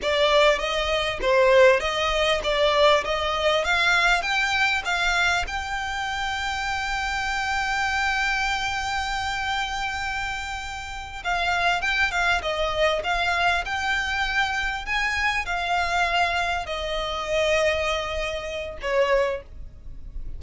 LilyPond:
\new Staff \with { instrumentName = "violin" } { \time 4/4 \tempo 4 = 99 d''4 dis''4 c''4 dis''4 | d''4 dis''4 f''4 g''4 | f''4 g''2.~ | g''1~ |
g''2~ g''8 f''4 g''8 | f''8 dis''4 f''4 g''4.~ | g''8 gis''4 f''2 dis''8~ | dis''2. cis''4 | }